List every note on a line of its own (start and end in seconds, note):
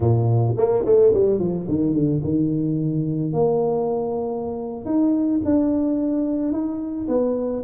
0.00 0.55 A#2
0.57 0.85 A#3
0.85 1.13 A3
1.13 1.39 G3
1.39 1.67 F3
1.68 1.93 D#3
1.93 2.21 D3
2.23 3.32 D#3
3.32 4.85 A#3
4.85 5.40 D#4
5.44 6.52 D4
6.52 7.07 D#4
7.07 7.63 B3